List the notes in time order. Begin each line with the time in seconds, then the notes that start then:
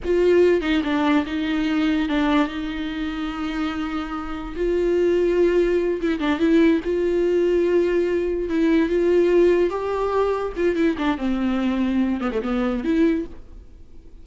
0.04 F4
0.61 D#4
0.83 D4
1.26 D#4
2.08 D4
2.47 D#4
4.56 F4
6.01 E4
6.19 D4
6.39 E4
6.84 F4
8.49 E4
8.89 F4
9.69 G4
10.56 F4
10.75 E4
10.98 D4
11.17 C4
12.20 B3
12.31 A3
12.42 B3
12.84 E4